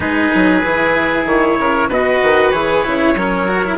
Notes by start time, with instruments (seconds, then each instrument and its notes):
0.00 bassoon G#3, cello D#4, oboe G#4, trumpet B4
0.34 bassoon F#3
0.62 bassoon E3, cello E4
1.26 bassoon D#3, trumpet C#5
1.58 bassoon C#3, oboe A#4
1.88 bassoon B2, cello F#4, oboe B4, trumpet D#5
2.22 bassoon D#3
2.51 bassoon E3, cello G#4, trumpet C#5
2.84 bassoon C#3, cello E4
3.15 bassoon F#3, cello C#4, oboe A#4
3.48 cello F#4
3.64 cello E4